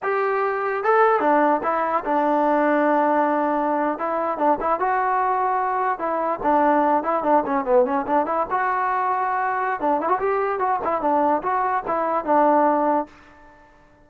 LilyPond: \new Staff \with { instrumentName = "trombone" } { \time 4/4 \tempo 4 = 147 g'2 a'4 d'4 | e'4 d'2.~ | d'4.~ d'16 e'4 d'8 e'8 fis'16~ | fis'2~ fis'8. e'4 d'16~ |
d'4~ d'16 e'8 d'8 cis'8 b8 cis'8 d'16~ | d'16 e'8 fis'2.~ fis'16 | d'8 e'16 fis'16 g'4 fis'8 e'8 d'4 | fis'4 e'4 d'2 | }